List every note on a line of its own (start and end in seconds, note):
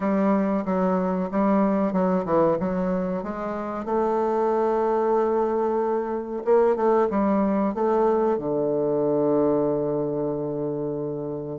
0.00 0.64 G3
0.65 1.29 F#3
1.31 1.92 G3
1.92 2.25 F#3
2.25 2.57 E3
2.59 3.23 F#3
3.23 3.85 G#3
3.85 6.43 A3
6.44 6.75 A#3
6.75 7.08 A3
7.10 7.74 G3
7.74 8.38 A3
8.38 11.58 D3